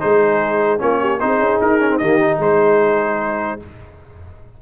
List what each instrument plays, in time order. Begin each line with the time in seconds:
0.00 tuba G#3, trombone D#4, horn G#4, trumpet C5
0.79 tuba A#3, trombone C#4, horn F4, trumpet C#5
1.01 horn G4
1.20 tuba C4, trombone D#4, horn G#4, trumpet C5
1.40 tuba C#4
1.62 tuba D#4, trumpet A#4
1.81 trombone C#4
1.90 trombone C4
1.98 tuba D#3, trombone A#3, horn G4, trumpet D#5
2.20 trombone D#4
2.40 tuba G#3, horn G#4, trumpet C5